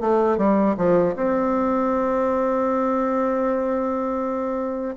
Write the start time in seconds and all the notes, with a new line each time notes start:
0.00 A3
0.37 G3
0.77 F3
1.16 C4